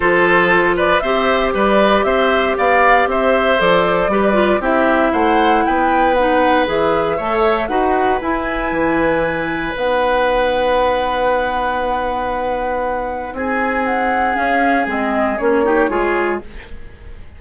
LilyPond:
<<
  \new Staff \with { instrumentName = "flute" } { \time 4/4 \tempo 4 = 117 c''4. d''8 e''4 d''4 | e''4 f''4 e''4 d''4~ | d''4 e''4 fis''4 g''4 | fis''4 e''2 fis''4 |
gis''2. fis''4~ | fis''1~ | fis''2 gis''4 fis''4 | f''4 dis''4 cis''2 | }
  \new Staff \with { instrumentName = "oboe" } { \time 4/4 a'4. b'8 c''4 b'4 | c''4 d''4 c''2 | b'4 g'4 c''4 b'4~ | b'2 cis''4 b'4~ |
b'1~ | b'1~ | b'2 gis'2~ | gis'2~ gis'8 g'8 gis'4 | }
  \new Staff \with { instrumentName = "clarinet" } { \time 4/4 f'2 g'2~ | g'2. a'4 | g'8 f'8 e'2. | dis'4 gis'4 a'4 fis'4 |
e'2. dis'4~ | dis'1~ | dis'1 | cis'4 c'4 cis'8 dis'8 f'4 | }
  \new Staff \with { instrumentName = "bassoon" } { \time 4/4 f2 c'4 g4 | c'4 b4 c'4 f4 | g4 c'4 a4 b4~ | b4 e4 a4 dis'4 |
e'4 e2 b4~ | b1~ | b2 c'2 | cis'4 gis4 ais4 gis4 | }
>>